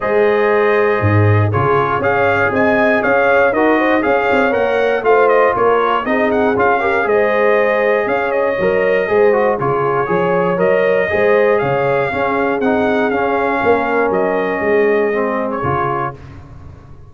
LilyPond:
<<
  \new Staff \with { instrumentName = "trumpet" } { \time 4/4 \tempo 4 = 119 dis''2. cis''4 | f''4 gis''4 f''4 dis''4 | f''4 fis''4 f''8 dis''8 cis''4 | dis''8 fis''8 f''4 dis''2 |
f''8 dis''2~ dis''8 cis''4~ | cis''4 dis''2 f''4~ | f''4 fis''4 f''2 | dis''2~ dis''8. cis''4~ cis''16 | }
  \new Staff \with { instrumentName = "horn" } { \time 4/4 c''2. gis'4 | cis''4 dis''4 cis''4 ais'8 c''8 | cis''2 c''4 ais'4 | gis'4. ais'8 c''2 |
cis''2 c''4 gis'4 | cis''2 c''4 cis''4 | gis'2. ais'4~ | ais'4 gis'2. | }
  \new Staff \with { instrumentName = "trombone" } { \time 4/4 gis'2. f'4 | gis'2. fis'4 | gis'4 ais'4 f'2 | dis'4 f'8 g'8 gis'2~ |
gis'4 ais'4 gis'8 fis'8 f'4 | gis'4 ais'4 gis'2 | cis'4 dis'4 cis'2~ | cis'2 c'4 f'4 | }
  \new Staff \with { instrumentName = "tuba" } { \time 4/4 gis2 gis,4 cis4 | cis'4 c'4 cis'4 dis'4 | cis'8 c'8 ais4 a4 ais4 | c'4 cis'4 gis2 |
cis'4 fis4 gis4 cis4 | f4 fis4 gis4 cis4 | cis'4 c'4 cis'4 ais4 | fis4 gis2 cis4 | }
>>